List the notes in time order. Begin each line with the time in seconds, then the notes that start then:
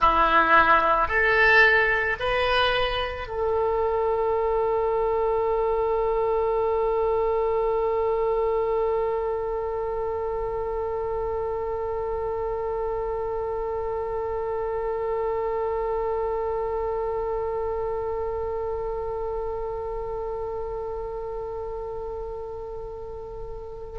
0.00 E4
1.08 A4
2.19 B4
3.27 A4